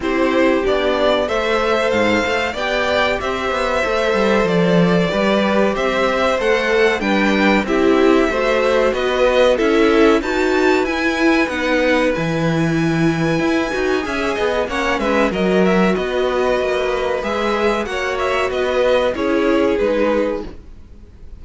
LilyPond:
<<
  \new Staff \with { instrumentName = "violin" } { \time 4/4 \tempo 4 = 94 c''4 d''4 e''4 f''4 | g''4 e''2 d''4~ | d''4 e''4 fis''4 g''4 | e''2 dis''4 e''4 |
a''4 gis''4 fis''4 gis''4~ | gis''2. fis''8 e''8 | dis''8 e''8 dis''2 e''4 | fis''8 e''8 dis''4 cis''4 b'4 | }
  \new Staff \with { instrumentName = "violin" } { \time 4/4 g'2 c''2 | d''4 c''2. | b'4 c''2 b'4 | g'4 c''4 b'4 a'4 |
b'1~ | b'2 e''8 dis''8 cis''8 b'8 | ais'4 b'2. | cis''4 b'4 gis'2 | }
  \new Staff \with { instrumentName = "viola" } { \time 4/4 e'4 d'4 a'2 | g'2 a'2 | g'2 a'4 d'4 | e'4 fis'2 e'4 |
fis'4 e'4 dis'4 e'4~ | e'4. fis'8 gis'4 cis'4 | fis'2. gis'4 | fis'2 e'4 dis'4 | }
  \new Staff \with { instrumentName = "cello" } { \time 4/4 c'4 b4 a4 gis,8 a8 | b4 c'8 b8 a8 g8 f4 | g4 c'4 a4 g4 | c'4 a4 b4 cis'4 |
dis'4 e'4 b4 e4~ | e4 e'8 dis'8 cis'8 b8 ais8 gis8 | fis4 b4 ais4 gis4 | ais4 b4 cis'4 gis4 | }
>>